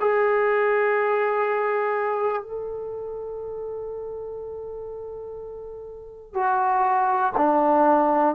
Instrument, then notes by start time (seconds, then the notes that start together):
trombone
0.00 G#4
2.42 A4
6.34 F#4
7.37 D4